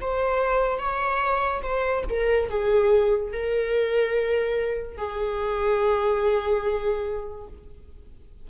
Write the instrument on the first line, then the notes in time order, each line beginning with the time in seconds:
viola
0.00 C5
0.78 C#5
1.62 C5
2.09 A#4
2.49 G#4
3.32 A#4
4.97 G#4